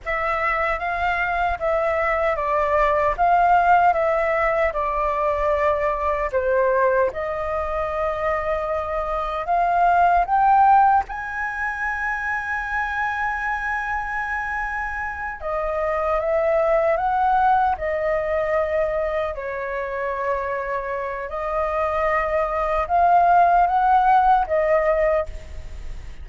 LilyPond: \new Staff \with { instrumentName = "flute" } { \time 4/4 \tempo 4 = 76 e''4 f''4 e''4 d''4 | f''4 e''4 d''2 | c''4 dis''2. | f''4 g''4 gis''2~ |
gis''2.~ gis''8 dis''8~ | dis''8 e''4 fis''4 dis''4.~ | dis''8 cis''2~ cis''8 dis''4~ | dis''4 f''4 fis''4 dis''4 | }